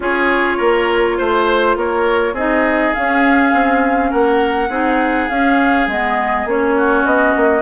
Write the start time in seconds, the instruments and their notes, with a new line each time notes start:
0.00 bassoon C#4, clarinet F4, oboe G#4, flute C#5
0.57 bassoon A#3, oboe A#4
1.17 bassoon A3, oboe C5, flute C5
1.76 bassoon A#3, oboe A#4, flute C#5
2.32 bassoon C4, clarinet D#4, oboe G#4, flute D#5
2.93 clarinet C#4, bassoon C#4, flute F5
3.53 bassoon C4
4.10 bassoon A#3, oboe A#4, flute F#5
4.69 bassoon C4, clarinet D#4, oboe G#4
5.29 bassoon C#4, clarinet C#4, flute F5
5.87 bassoon G#3, clarinet B3, flute D#5
6.45 bassoon A#3, clarinet C#4, flute C#5
6.76 oboe F#4
7.05 bassoon B3, flute D#5
7.35 bassoon A#3